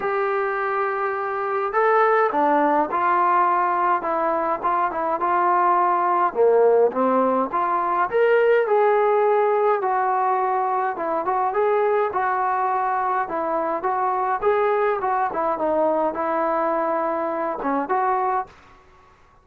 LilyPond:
\new Staff \with { instrumentName = "trombone" } { \time 4/4 \tempo 4 = 104 g'2. a'4 | d'4 f'2 e'4 | f'8 e'8 f'2 ais4 | c'4 f'4 ais'4 gis'4~ |
gis'4 fis'2 e'8 fis'8 | gis'4 fis'2 e'4 | fis'4 gis'4 fis'8 e'8 dis'4 | e'2~ e'8 cis'8 fis'4 | }